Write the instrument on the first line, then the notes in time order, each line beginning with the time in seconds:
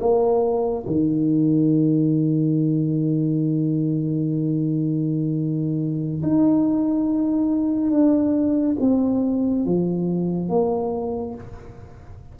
tuba
0.00 A#3
0.86 D#3
6.23 D#4
7.91 D4
8.81 C4
9.66 F3
10.49 A#3